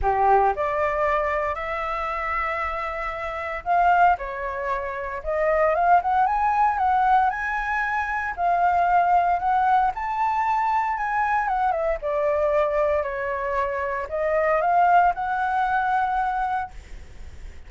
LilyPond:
\new Staff \with { instrumentName = "flute" } { \time 4/4 \tempo 4 = 115 g'4 d''2 e''4~ | e''2. f''4 | cis''2 dis''4 f''8 fis''8 | gis''4 fis''4 gis''2 |
f''2 fis''4 a''4~ | a''4 gis''4 fis''8 e''8 d''4~ | d''4 cis''2 dis''4 | f''4 fis''2. | }